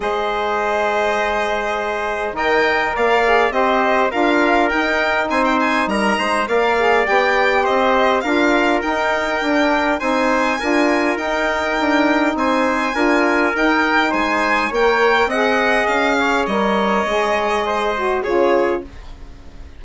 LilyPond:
<<
  \new Staff \with { instrumentName = "violin" } { \time 4/4 \tempo 4 = 102 dis''1 | g''4 f''4 dis''4 f''4 | g''4 gis''16 g''16 gis''8 ais''4 f''4 | g''4 dis''4 f''4 g''4~ |
g''4 gis''2 g''4~ | g''4 gis''2 g''4 | gis''4 g''4 fis''4 f''4 | dis''2. cis''4 | }
  \new Staff \with { instrumentName = "trumpet" } { \time 4/4 c''1 | dis''4 d''4 c''4 ais'4~ | ais'4 c''4 ais'8 c''8 d''4~ | d''4 c''4 ais'2~ |
ais'4 c''4 ais'2~ | ais'4 c''4 ais'2 | c''4 cis''4 dis''4. cis''8~ | cis''2 c''4 gis'4 | }
  \new Staff \with { instrumentName = "saxophone" } { \time 4/4 gis'1 | ais'4. gis'8 g'4 f'4 | dis'2. ais'8 gis'8 | g'2 f'4 dis'4 |
d'4 dis'4 f'4 dis'4~ | dis'2 f'4 dis'4~ | dis'4 ais'4 gis'2 | ais'4 gis'4. fis'8 f'4 | }
  \new Staff \with { instrumentName = "bassoon" } { \time 4/4 gis1 | dis4 ais4 c'4 d'4 | dis'4 c'4 g8 gis8 ais4 | b4 c'4 d'4 dis'4 |
d'4 c'4 d'4 dis'4 | d'4 c'4 d'4 dis'4 | gis4 ais4 c'4 cis'4 | g4 gis2 cis4 | }
>>